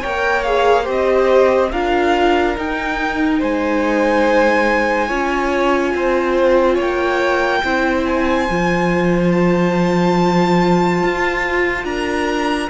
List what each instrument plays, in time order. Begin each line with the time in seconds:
0.00 cello A#3, viola A#4, violin C#5 G5
0.43 viola G#4, violin F5
0.84 cello C4, viola G4, violin C5
0.90 violin D#5
1.71 cello D4, viola F4, violin A#4 F5
2.56 viola D#4, cello D#4, violin G5
3.39 cello G#3, violin C5 G#5
5.08 cello C#4, viola F4, violin C#5
5.94 cello C4, violin C5
6.75 cello A#3, violin C#5 G5
7.63 cello C4, viola E4, violin C5
8.05 violin G#5
8.49 cello F3, viola F4
9.31 violin A5
11.03 cello F4
11.84 cello D4, violin A#4 A#5